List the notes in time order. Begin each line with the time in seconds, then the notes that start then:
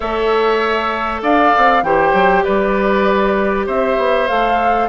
0.00 A3 A4 C#5 E5
1.22 D4 D5 F5
1.57 C4
1.82 E3 G4 C5 G5
2.13 F#3
2.43 G3 B4 D5
3.66 C4 C5 E5
3.97 B3
4.27 A3 A4 F5